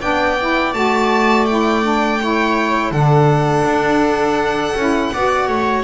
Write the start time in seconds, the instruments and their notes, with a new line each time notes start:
0.00 double bass B3, saxophone D4, viola D5, violin G5
0.39 saxophone E4
0.73 double bass A3, saxophone F#4, violin A5
1.45 saxophone E4, violin G5
1.82 saxophone D4
2.20 saxophone E4, viola C#5
2.91 double bass D3, saxophone D4, viola A4, violin F#5
3.64 double bass D4
4.75 double bass C#4, saxophone E4
5.13 double bass B3, saxophone F#4, viola D5
5.47 double bass A3, viola C#5